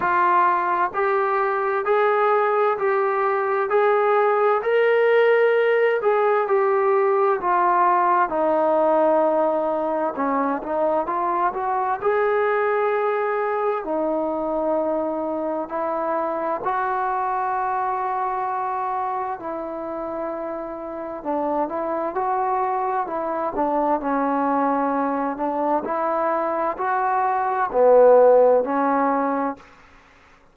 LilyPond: \new Staff \with { instrumentName = "trombone" } { \time 4/4 \tempo 4 = 65 f'4 g'4 gis'4 g'4 | gis'4 ais'4. gis'8 g'4 | f'4 dis'2 cis'8 dis'8 | f'8 fis'8 gis'2 dis'4~ |
dis'4 e'4 fis'2~ | fis'4 e'2 d'8 e'8 | fis'4 e'8 d'8 cis'4. d'8 | e'4 fis'4 b4 cis'4 | }